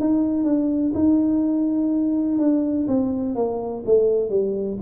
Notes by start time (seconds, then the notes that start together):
0.00 D#4
0.44 D4
0.95 D#4
2.39 D4
2.88 C4
3.36 A#3
3.86 A3
4.30 G3